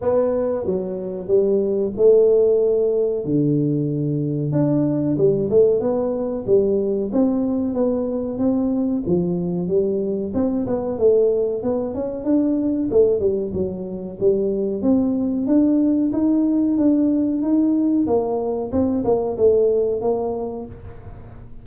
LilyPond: \new Staff \with { instrumentName = "tuba" } { \time 4/4 \tempo 4 = 93 b4 fis4 g4 a4~ | a4 d2 d'4 | g8 a8 b4 g4 c'4 | b4 c'4 f4 g4 |
c'8 b8 a4 b8 cis'8 d'4 | a8 g8 fis4 g4 c'4 | d'4 dis'4 d'4 dis'4 | ais4 c'8 ais8 a4 ais4 | }